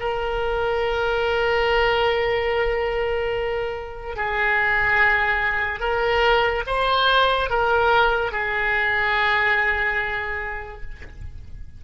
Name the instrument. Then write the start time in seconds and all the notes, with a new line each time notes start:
oboe
0.00 A#4
4.17 G#4
5.80 A#4
6.67 C5
7.50 A#4
8.33 G#4